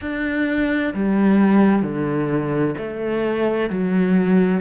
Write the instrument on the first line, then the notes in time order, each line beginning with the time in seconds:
cello
0.01 D4
0.94 G3
1.82 D3
2.77 A3
3.69 F#3